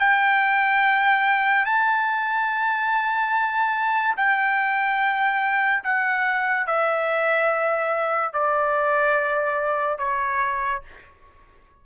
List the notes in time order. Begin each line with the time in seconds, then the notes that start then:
0.00 G5
1.66 A5
4.17 G5
5.84 F#5
6.67 E5
8.33 D5
9.98 C#5